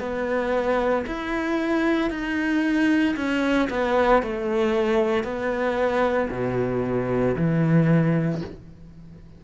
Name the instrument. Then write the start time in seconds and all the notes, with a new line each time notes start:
cello
0.00 B3
1.07 E4
2.11 D#4
3.16 C#4
3.70 B3
4.23 A3
5.24 B3
6.31 B2
7.37 E3